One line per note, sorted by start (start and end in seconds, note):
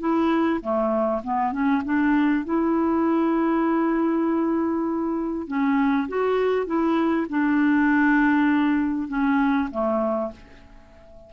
0.00 0.61 E4
0.61 1.22 A3
1.24 1.52 B3
1.52 1.83 C#4
1.85 2.45 D4
2.45 5.48 E4
5.48 6.08 C#4
6.09 6.66 F#4
6.66 7.27 E4
7.30 9.09 D4
9.09 9.69 C#4
9.71 10.32 A3